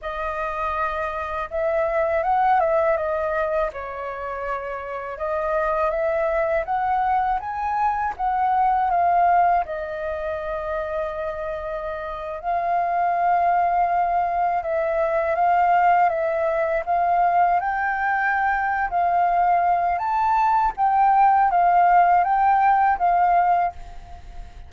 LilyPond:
\new Staff \with { instrumentName = "flute" } { \time 4/4 \tempo 4 = 81 dis''2 e''4 fis''8 e''8 | dis''4 cis''2 dis''4 | e''4 fis''4 gis''4 fis''4 | f''4 dis''2.~ |
dis''8. f''2. e''16~ | e''8. f''4 e''4 f''4 g''16~ | g''4. f''4. a''4 | g''4 f''4 g''4 f''4 | }